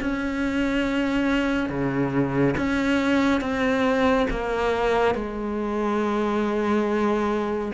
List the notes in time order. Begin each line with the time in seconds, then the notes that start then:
0.00 C#4
1.69 C#3
2.57 C#4
3.41 C4
4.30 A#3
5.14 G#3